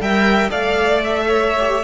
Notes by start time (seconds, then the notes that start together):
0.00 G3 A#4 E5 G5
0.48 A3 A4 D5 F5
1.03 E5
1.26 C#5
1.59 G4